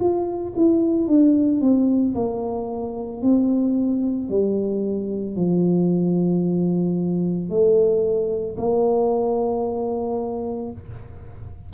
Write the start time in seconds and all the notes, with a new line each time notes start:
0.00 F4
0.56 E4
1.08 D4
1.61 C4
2.15 A#3
3.22 C4
4.30 G3
5.36 F3
7.50 A3
8.58 A#3